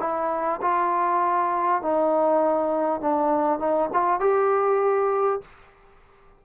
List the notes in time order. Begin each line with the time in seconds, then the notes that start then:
0.00 E4
0.62 F4
1.82 D#4
3.01 D4
3.60 D#4
3.94 F4
4.20 G4